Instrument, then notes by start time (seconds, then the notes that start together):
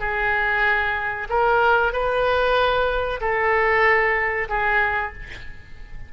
oboe
0.00 G#4
1.29 A#4
1.93 B4
3.21 A4
4.49 G#4